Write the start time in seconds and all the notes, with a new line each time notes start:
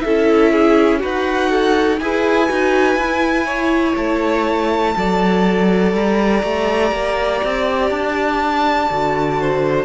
0.00 C#4 E4 A4 E5
0.52 G#4
0.99 D#4 F#4 B4 F#5
1.49 A4
1.99 E4 G#4 B4 G#5
2.48 D#4 F#4
2.95 E4
3.01 E4
3.45 C#5
3.96 A3 A5
4.95 F#3 A4 D5
5.93 G3 A#5
6.42 A3 G4
6.91 A#3
7.43 C4
7.90 D4 A5
8.90 D3 F#4
9.40 C5